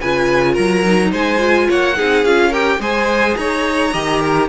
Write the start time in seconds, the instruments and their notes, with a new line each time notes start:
0.00 cello C#3, viola F4, violin B4 G#5
0.52 cello F#3, violin A#4 A#5
0.85 viola D#4
1.11 cello G#3, violin C5 G#5
1.37 viola F4
1.69 cello A#3, violin C#5 F#5
1.96 cello C4, viola D#4, violin G#4
2.24 cello C#4, viola F4, violin F5
2.48 viola G4, violin A#4 G5
2.79 cello G#3, viola G#4, violin C5 G#5
3.36 cello D#4, violin C#5 A#5
3.93 cello D#3, viola G4, violin D#5
4.20 violin A#4